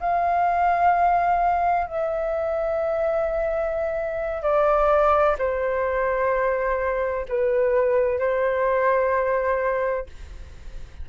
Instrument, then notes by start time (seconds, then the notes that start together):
flute
0.00 F5
1.87 E5
4.42 D5
5.38 C5
7.29 B4
8.19 C5